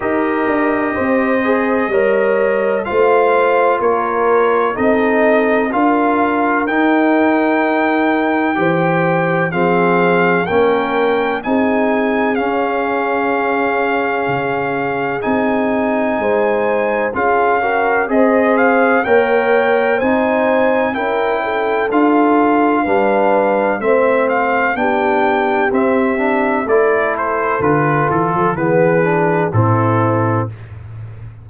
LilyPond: <<
  \new Staff \with { instrumentName = "trumpet" } { \time 4/4 \tempo 4 = 63 dis''2. f''4 | cis''4 dis''4 f''4 g''4~ | g''2 f''4 g''4 | gis''4 f''2. |
gis''2 f''4 dis''8 f''8 | g''4 gis''4 g''4 f''4~ | f''4 e''8 f''8 g''4 e''4 | d''8 c''8 b'8 a'8 b'4 a'4 | }
  \new Staff \with { instrumentName = "horn" } { \time 4/4 ais'4 c''4 cis''4 c''4 | ais'4 a'4 ais'2~ | ais'4 c''4 gis'4 ais'4 | gis'1~ |
gis'4 c''4 gis'8 ais'8 c''4 | cis''4 c''4 ais'8 a'4. | b'4 c''4 g'2 | a'2 gis'4 e'4 | }
  \new Staff \with { instrumentName = "trombone" } { \time 4/4 g'4. gis'8 ais'4 f'4~ | f'4 dis'4 f'4 dis'4~ | dis'4 g'4 c'4 cis'4 | dis'4 cis'2. |
dis'2 f'8 fis'8 gis'4 | ais'4 dis'4 e'4 f'4 | d'4 c'4 d'4 c'8 d'8 | e'4 f'4 b8 d'8 c'4 | }
  \new Staff \with { instrumentName = "tuba" } { \time 4/4 dis'8 d'8 c'4 g4 a4 | ais4 c'4 d'4 dis'4~ | dis'4 e4 f4 ais4 | c'4 cis'2 cis4 |
c'4 gis4 cis'4 c'4 | ais4 c'4 cis'4 d'4 | g4 a4 b4 c'4 | a4 d8 e16 f16 e4 a,4 | }
>>